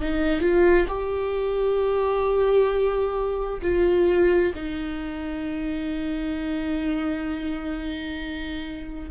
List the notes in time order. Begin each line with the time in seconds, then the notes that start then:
0.00 D#4
0.40 F4
0.88 G4
3.62 F4
4.55 D#4